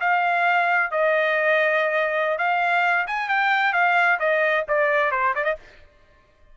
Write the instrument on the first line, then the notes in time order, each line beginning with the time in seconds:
trumpet
0.00 F5
0.91 D#5
2.38 F5
3.07 G#5
3.28 G5
3.73 F5
4.19 D#5
4.68 D5
5.11 C5
5.35 D5
5.44 D#5